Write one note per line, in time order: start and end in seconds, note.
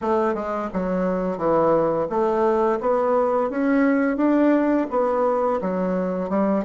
0.01 0.34 A3
0.34 0.69 G#3
0.73 1.37 F#3
1.37 2.07 E3
2.09 2.79 A3
2.80 3.49 B3
3.49 4.17 C#4
4.17 4.86 D4
4.90 5.60 B3
5.61 6.29 F#3
6.29 6.64 G3